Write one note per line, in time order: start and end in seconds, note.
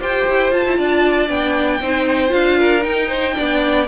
0.00 0.26 F4
0.00 0.52 G4
0.00 0.77 C5
0.00 0.52 G5
0.29 0.51 E4
0.51 0.64 F4
0.51 1.28 F4
0.51 1.28 A5
0.65 0.78 E4
0.77 1.29 D4
0.77 1.81 D5
1.28 1.80 B3
1.28 1.79 D4
1.28 2.32 G5
1.80 2.32 C4
1.80 2.28 D#4
1.80 2.59 C5
2.28 2.85 D4
2.28 2.80 F4
2.28 2.83 F5
2.59 3.08 A#4
2.82 3.34 D#4
2.82 3.37 D#4
2.82 3.87 G5
3.08 3.34 C5
3.34 3.87 B3
3.34 3.86 D4
3.34 3.87 D5